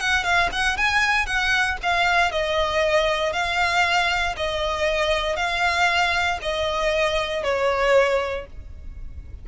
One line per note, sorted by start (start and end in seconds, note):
0.00 0.24 F#5
0.24 0.50 F5
0.52 0.77 F#5
0.77 1.26 G#5
1.26 1.78 F#5
1.83 2.31 F5
2.31 3.33 D#5
3.33 4.35 F5
4.37 5.37 D#5
5.37 6.39 F5
6.42 7.44 D#5
7.44 8.46 C#5